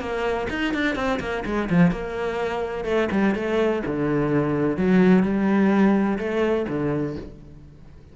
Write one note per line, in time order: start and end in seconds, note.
0.00 0.47 A#3
0.50 0.74 D#4
0.74 0.96 D4
0.96 1.19 C4
1.20 1.44 A#3
1.45 1.69 G#3
1.70 1.91 F3
1.91 2.85 A#3
2.85 3.09 A3
3.12 3.35 G3
3.35 3.83 A3
3.86 4.77 D3
4.77 5.23 F#3
5.23 6.18 G3
6.19 6.66 A3
6.69 7.16 D3